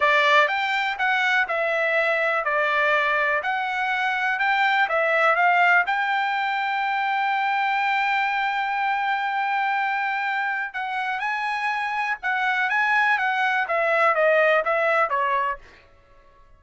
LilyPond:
\new Staff \with { instrumentName = "trumpet" } { \time 4/4 \tempo 4 = 123 d''4 g''4 fis''4 e''4~ | e''4 d''2 fis''4~ | fis''4 g''4 e''4 f''4 | g''1~ |
g''1~ | g''2 fis''4 gis''4~ | gis''4 fis''4 gis''4 fis''4 | e''4 dis''4 e''4 cis''4 | }